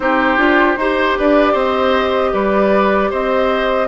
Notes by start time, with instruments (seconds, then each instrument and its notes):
0.00 bassoon C4, clarinet D#4, oboe G4, flute C5
0.37 bassoon D4, clarinet F4
0.76 bassoon D#4, clarinet G4, oboe C5
1.18 bassoon D4, oboe B4, flute D5
1.52 bassoon C4, oboe C5, flute D#5
2.33 bassoon G3, oboe B4, flute D5
3.10 bassoon C4, oboe C5, flute D#5